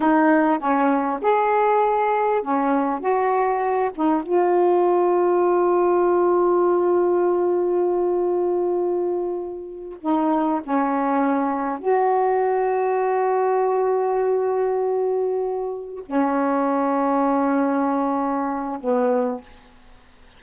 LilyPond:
\new Staff \with { instrumentName = "saxophone" } { \time 4/4 \tempo 4 = 99 dis'4 cis'4 gis'2 | cis'4 fis'4. dis'8 f'4~ | f'1~ | f'1~ |
f'8 dis'4 cis'2 fis'8~ | fis'1~ | fis'2~ fis'8 cis'4.~ | cis'2. b4 | }